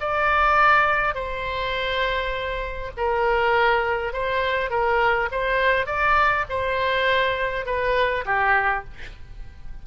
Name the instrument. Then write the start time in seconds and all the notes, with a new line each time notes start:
oboe
0.00 D5
1.15 C5
2.97 A#4
4.13 C5
4.70 A#4
5.31 C5
5.86 D5
6.49 C5
7.66 B4
8.25 G4